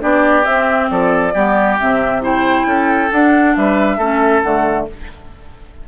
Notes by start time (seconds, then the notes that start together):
0.00 B3 D4 G4 D5
0.45 C4 E5
0.91 F3 A4 D5
1.34 G3 B3 G4
1.79 C3 C4 E5
2.22 E4 C5 G5
2.66 C#4 A4
3.12 D4 F#5
3.56 G3 B4 E5
3.98 A3 C#4 A4
4.42 D3 A3 F#5